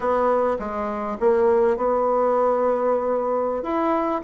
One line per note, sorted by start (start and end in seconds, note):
0.00 0.57 B3
0.59 1.17 G#3
1.20 1.77 A#3
1.77 3.62 B3
3.62 4.21 E4